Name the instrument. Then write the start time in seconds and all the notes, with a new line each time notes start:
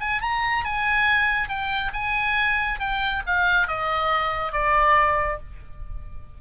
oboe
0.00 G#5
0.22 A#5
0.64 G#5
1.49 G5
1.93 G#5
2.80 G5
3.26 F5
3.68 D#5
4.52 D5